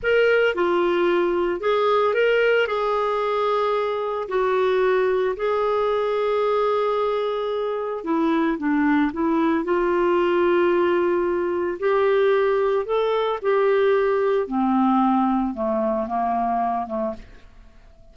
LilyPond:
\new Staff \with { instrumentName = "clarinet" } { \time 4/4 \tempo 4 = 112 ais'4 f'2 gis'4 | ais'4 gis'2. | fis'2 gis'2~ | gis'2. e'4 |
d'4 e'4 f'2~ | f'2 g'2 | a'4 g'2 c'4~ | c'4 a4 ais4. a8 | }